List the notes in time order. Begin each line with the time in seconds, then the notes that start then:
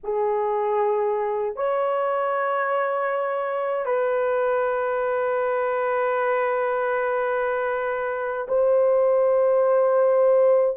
0.03 G#4
1.56 C#5
3.85 B4
8.48 C5